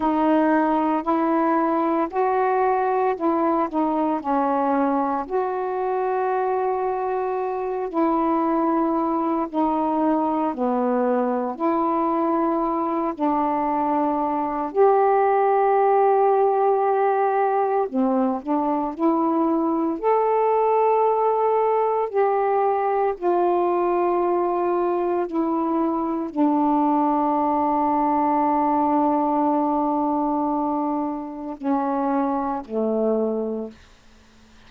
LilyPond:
\new Staff \with { instrumentName = "saxophone" } { \time 4/4 \tempo 4 = 57 dis'4 e'4 fis'4 e'8 dis'8 | cis'4 fis'2~ fis'8 e'8~ | e'4 dis'4 b4 e'4~ | e'8 d'4. g'2~ |
g'4 c'8 d'8 e'4 a'4~ | a'4 g'4 f'2 | e'4 d'2.~ | d'2 cis'4 a4 | }